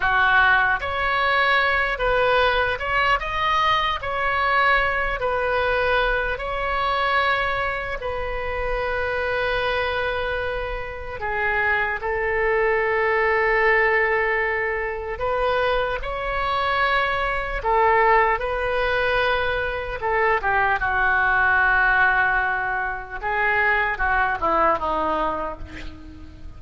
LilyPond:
\new Staff \with { instrumentName = "oboe" } { \time 4/4 \tempo 4 = 75 fis'4 cis''4. b'4 cis''8 | dis''4 cis''4. b'4. | cis''2 b'2~ | b'2 gis'4 a'4~ |
a'2. b'4 | cis''2 a'4 b'4~ | b'4 a'8 g'8 fis'2~ | fis'4 gis'4 fis'8 e'8 dis'4 | }